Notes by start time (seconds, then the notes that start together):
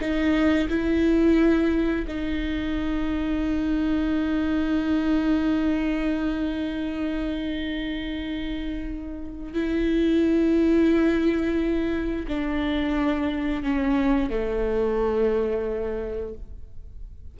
0.00 D#4
0.69 E4
2.07 D#4
9.54 E4
12.28 D4
13.63 C#4
14.30 A3